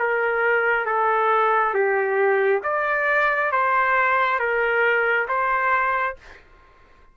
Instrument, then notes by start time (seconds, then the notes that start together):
trumpet
0.00 A#4
0.86 A4
1.74 G4
2.64 D5
3.52 C5
4.40 A#4
5.29 C5